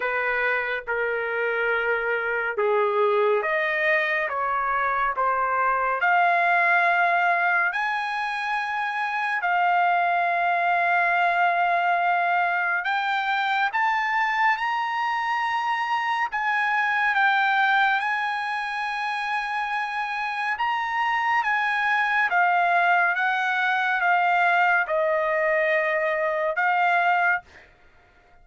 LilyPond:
\new Staff \with { instrumentName = "trumpet" } { \time 4/4 \tempo 4 = 70 b'4 ais'2 gis'4 | dis''4 cis''4 c''4 f''4~ | f''4 gis''2 f''4~ | f''2. g''4 |
a''4 ais''2 gis''4 | g''4 gis''2. | ais''4 gis''4 f''4 fis''4 | f''4 dis''2 f''4 | }